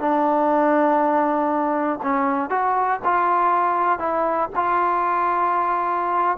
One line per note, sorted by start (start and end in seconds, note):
0.00 2.00 D4
2.03 2.50 C#4
2.50 3.00 F#4
3.05 4.00 F4
4.00 4.50 E4
4.56 6.38 F4